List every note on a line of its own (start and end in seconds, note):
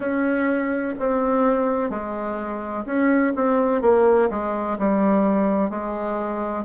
0.00 0.94 C#4
0.99 1.90 C4
1.90 2.85 G#3
2.85 3.33 C#4
3.35 3.81 C4
3.81 4.29 A#3
4.30 4.77 G#3
4.78 5.69 G3
5.69 6.64 G#3